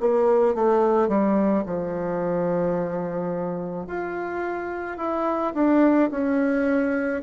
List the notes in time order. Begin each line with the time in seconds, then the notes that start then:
0.00 A#3
0.55 A3
1.08 G3
1.66 F3
3.87 F4
4.97 E4
5.54 D4
6.11 C#4